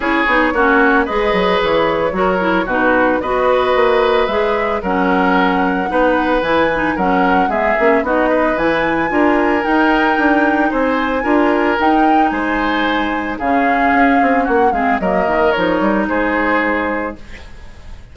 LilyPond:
<<
  \new Staff \with { instrumentName = "flute" } { \time 4/4 \tempo 4 = 112 cis''2 dis''4 cis''4~ | cis''4 b'4 dis''2 | e''4 fis''2. | gis''4 fis''4 e''4 dis''4 |
gis''2 g''2 | gis''2 g''4 gis''4~ | gis''4 f''2 fis''8 f''8 | dis''4 cis''4 c''2 | }
  \new Staff \with { instrumentName = "oboe" } { \time 4/4 gis'4 fis'4 b'2 | ais'4 fis'4 b'2~ | b'4 ais'2 b'4~ | b'4 ais'4 gis'4 fis'8 b'8~ |
b'4 ais'2. | c''4 ais'2 c''4~ | c''4 gis'2 fis'8 gis'8 | ais'2 gis'2 | }
  \new Staff \with { instrumentName = "clarinet" } { \time 4/4 e'8 dis'8 cis'4 gis'2 | fis'8 e'8 dis'4 fis'2 | gis'4 cis'2 dis'4 | e'8 dis'8 cis'4 b8 cis'8 dis'4 |
e'4 f'4 dis'2~ | dis'4 f'4 dis'2~ | dis'4 cis'2~ cis'8 c'8 | ais4 dis'2. | }
  \new Staff \with { instrumentName = "bassoon" } { \time 4/4 cis'8 b8 ais4 gis8 fis8 e4 | fis4 b,4 b4 ais4 | gis4 fis2 b4 | e4 fis4 gis8 ais8 b4 |
e4 d'4 dis'4 d'4 | c'4 d'4 dis'4 gis4~ | gis4 cis4 cis'8 c'8 ais8 gis8 | fis8 dis8 f8 g8 gis2 | }
>>